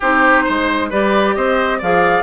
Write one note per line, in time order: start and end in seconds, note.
0.00 0.47 C4
0.00 0.91 D#4
0.00 0.44 G4
0.00 0.91 C5
0.44 0.91 G#3
0.44 0.89 C5
0.89 1.36 G3
0.89 1.81 G4
0.89 1.34 B4
0.89 1.35 D5
1.35 1.81 C4
1.35 1.78 C5
1.35 1.80 D#5
1.78 2.22 F3
1.78 2.22 G#4
1.78 2.22 D5
1.78 2.22 F5